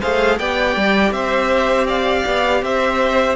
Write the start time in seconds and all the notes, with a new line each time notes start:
0.00 A3 G#4 C5 F5
0.39 B3 G4 D5 G5
0.77 G3
1.12 C4 C5 E5
1.88 D5 F5
2.26 B3
2.62 C4 C5 E5